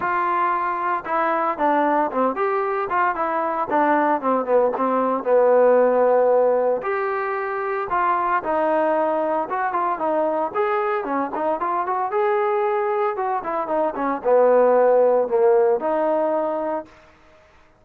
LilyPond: \new Staff \with { instrumentName = "trombone" } { \time 4/4 \tempo 4 = 114 f'2 e'4 d'4 | c'8 g'4 f'8 e'4 d'4 | c'8 b8 c'4 b2~ | b4 g'2 f'4 |
dis'2 fis'8 f'8 dis'4 | gis'4 cis'8 dis'8 f'8 fis'8 gis'4~ | gis'4 fis'8 e'8 dis'8 cis'8 b4~ | b4 ais4 dis'2 | }